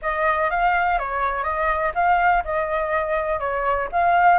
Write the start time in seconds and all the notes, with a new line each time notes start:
0.02 D#5
0.50 F5
0.99 C#5
1.43 D#5
1.94 F5
2.44 D#5
3.39 C#5
3.92 F5